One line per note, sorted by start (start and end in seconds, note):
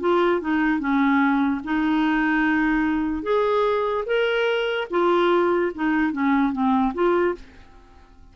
0.00 0.41 F4
0.41 0.80 D#4
0.80 1.61 C#4
1.64 3.23 D#4
3.23 4.05 G#4
4.06 4.88 A#4
4.91 5.72 F4
5.75 6.13 D#4
6.13 6.53 C#4
6.53 6.93 C4
6.94 7.35 F4